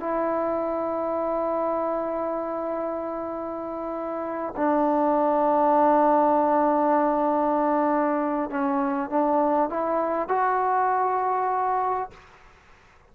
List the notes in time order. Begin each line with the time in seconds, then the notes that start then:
0.00 E4
4.57 D4
8.50 C#4
9.10 D4
9.70 E4
10.29 F#4